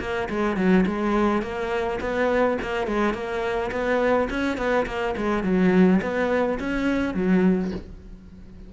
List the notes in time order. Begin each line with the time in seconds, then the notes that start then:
0.00 A#3
0.29 G#3
0.56 F#3
0.86 G#3
1.42 A#3
2.01 B3
2.62 A#3
2.87 G#3
3.14 A#3
3.71 B3
4.30 C#4
4.57 B3
4.86 A#3
5.17 G#3
5.43 F#3
6.02 B3
6.59 C#4
7.14 F#3